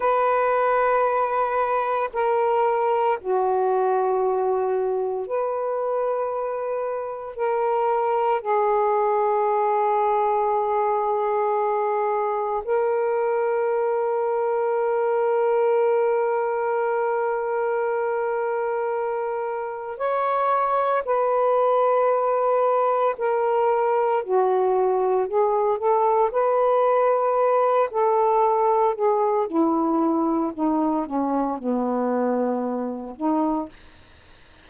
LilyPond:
\new Staff \with { instrumentName = "saxophone" } { \time 4/4 \tempo 4 = 57 b'2 ais'4 fis'4~ | fis'4 b'2 ais'4 | gis'1 | ais'1~ |
ais'2. cis''4 | b'2 ais'4 fis'4 | gis'8 a'8 b'4. a'4 gis'8 | e'4 dis'8 cis'8 b4. dis'8 | }